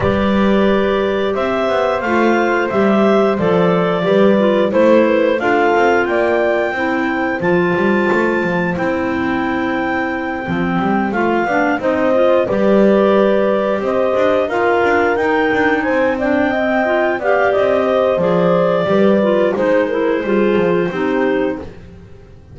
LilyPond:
<<
  \new Staff \with { instrumentName = "clarinet" } { \time 4/4 \tempo 4 = 89 d''2 e''4 f''4 | e''4 d''2 c''4 | f''4 g''2 a''4~ | a''4 g''2.~ |
g''8 f''4 dis''4 d''4.~ | d''8 dis''4 f''4 g''4 gis''8 | g''4. f''8 dis''4 d''4~ | d''4 c''2. | }
  \new Staff \with { instrumentName = "horn" } { \time 4/4 b'2 c''2~ | c''2 b'4 c''8 b'8 | a'4 d''4 c''2~ | c''1~ |
c''4 d''8 c''4 b'4.~ | b'8 c''4 ais'2 c''8 | d''8 dis''4 d''4 c''4. | b'4 c''8 ais'8 gis'4 g'4 | }
  \new Staff \with { instrumentName = "clarinet" } { \time 4/4 g'2. f'4 | g'4 a'4 g'8 f'8 e'4 | f'2 e'4 f'4~ | f'4 e'2~ e'8 c'8~ |
c'8 f'8 d'8 dis'8 f'8 g'4.~ | g'4. f'4 dis'4. | d'8 c'8 f'8 g'4. gis'4 | g'8 f'8 dis'8 e'8 f'4 dis'4 | }
  \new Staff \with { instrumentName = "double bass" } { \time 4/4 g2 c'8 b8 a4 | g4 f4 g4 a4 | d'8 c'8 ais4 c'4 f8 g8 | a8 f8 c'2~ c'8 f8 |
g8 a8 b8 c'4 g4.~ | g8 c'8 d'8 dis'8 d'8 dis'8 d'8 c'8~ | c'4. b8 c'4 f4 | g4 gis4 g8 f8 c'4 | }
>>